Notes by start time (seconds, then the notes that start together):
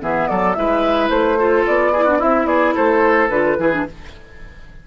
0.00 E3 B3 G#4 E5
0.28 F#3 A4 D5
0.54 G#3 E4 B4 E5
1.10 A3 C5
1.39 F4 A4
1.67 B3 D5
1.93 E4 G#4
2.04 D4 F#4
2.19 C4 E4 E5
2.46 B3 G#4 D5
2.75 A3 A4 C5
3.29 D3 F4 B4
3.58 E3 E4 G#4
3.72 D4